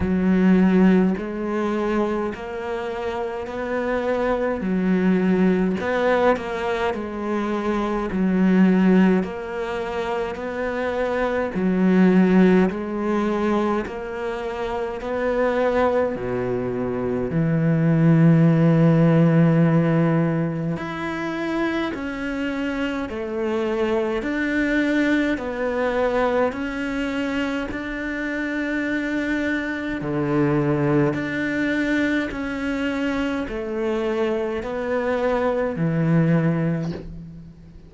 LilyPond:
\new Staff \with { instrumentName = "cello" } { \time 4/4 \tempo 4 = 52 fis4 gis4 ais4 b4 | fis4 b8 ais8 gis4 fis4 | ais4 b4 fis4 gis4 | ais4 b4 b,4 e4~ |
e2 e'4 cis'4 | a4 d'4 b4 cis'4 | d'2 d4 d'4 | cis'4 a4 b4 e4 | }